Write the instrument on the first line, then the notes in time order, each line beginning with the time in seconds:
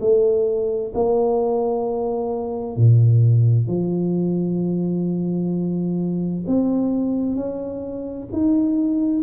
tuba
0.00 A3
0.94 A#3
2.76 A#2
3.67 F3
6.47 C4
7.35 C#4
8.32 D#4